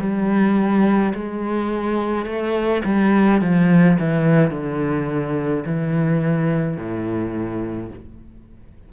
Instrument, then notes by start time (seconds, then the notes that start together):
cello
0.00 G3
1.14 G#3
2.25 A3
2.85 G3
3.41 F3
3.99 E3
4.51 D3
5.66 E3
6.77 A2